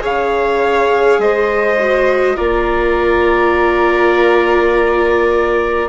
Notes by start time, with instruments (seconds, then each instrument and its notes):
0.00 bassoon C#3, viola G#4, violin C#5, trumpet F5
1.19 bassoon G#3, violin C5, trumpet D#5
1.80 viola F#4
2.36 bassoon A#3, viola F4, violin A#4, trumpet D5